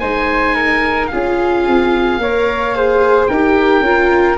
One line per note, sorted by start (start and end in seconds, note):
0.00 1.12 G#3
0.00 1.11 D#4
0.00 0.55 C5
0.00 1.08 G#5
0.55 1.10 A#4
1.08 1.68 C#4
1.08 2.21 F4
1.08 2.21 G#4
1.08 3.26 F5
1.68 2.18 C4
2.18 3.27 A#3
2.18 2.75 A#4
2.18 2.76 C#5
2.75 3.30 G#4
2.75 3.30 C5
3.28 3.80 D#4
3.28 3.84 G4
3.28 4.38 A#4
3.28 4.37 G5
3.80 4.35 C#4
3.80 4.38 F4